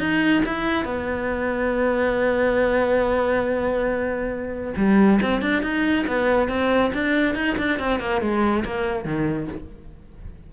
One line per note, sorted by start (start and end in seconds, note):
0.00 0.43 D#4
0.46 0.86 E4
0.86 4.74 B3
4.77 5.21 G3
5.23 5.42 C4
5.42 5.63 D4
5.63 6.06 D#4
6.08 6.49 B3
6.49 6.92 C4
6.94 7.35 D4
7.35 7.57 D#4
7.59 7.80 D4
7.80 8.01 C4
8.01 8.22 A#3
8.22 8.65 G#3
8.65 9.05 A#3
9.05 9.48 D#3